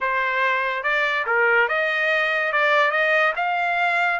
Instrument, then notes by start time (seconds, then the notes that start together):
trumpet
0.00 C5
0.83 D5
1.26 A#4
1.68 D#5
2.52 D5
2.91 D#5
3.36 F5